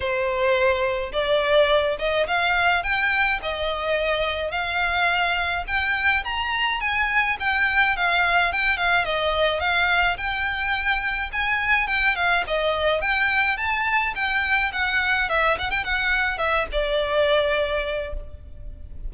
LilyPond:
\new Staff \with { instrumentName = "violin" } { \time 4/4 \tempo 4 = 106 c''2 d''4. dis''8 | f''4 g''4 dis''2 | f''2 g''4 ais''4 | gis''4 g''4 f''4 g''8 f''8 |
dis''4 f''4 g''2 | gis''4 g''8 f''8 dis''4 g''4 | a''4 g''4 fis''4 e''8 fis''16 g''16 | fis''4 e''8 d''2~ d''8 | }